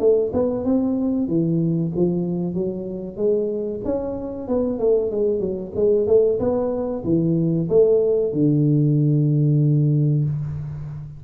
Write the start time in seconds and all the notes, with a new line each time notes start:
0.00 A3
0.33 B3
0.65 C4
1.29 E3
1.96 F3
2.55 F#3
3.17 G#3
3.85 C#4
4.48 B3
4.80 A3
5.12 G#3
5.40 F#3
5.76 G#3
6.08 A3
6.40 B3
7.05 E3
7.69 A3
8.33 D3